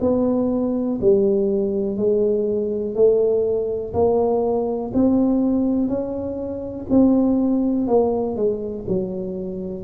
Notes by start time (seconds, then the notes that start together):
0.00 B3
1.01 G3
1.97 G#3
2.95 A3
3.93 A#3
4.94 C4
5.87 C#4
6.89 C4
7.87 A#3
8.36 G#3
8.88 F#3